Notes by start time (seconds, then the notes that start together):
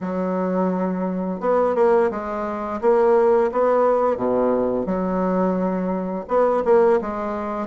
0.01 F#3
1.40 B3
1.75 A#3
2.10 G#3
2.81 A#3
3.52 B3
4.16 B2
4.86 F#3
6.28 B3
6.64 A#3
7.01 G#3